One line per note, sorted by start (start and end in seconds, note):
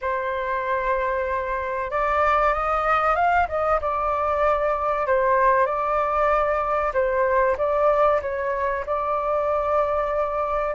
0.01 1.90 C5
1.90 2.53 D5
2.53 3.15 D#5
3.15 3.47 F5
3.48 3.80 D#5
3.81 5.06 D5
5.06 5.66 C5
5.66 6.92 D5
6.93 7.56 C5
7.57 8.20 D5
8.21 8.84 C#5
8.86 10.75 D5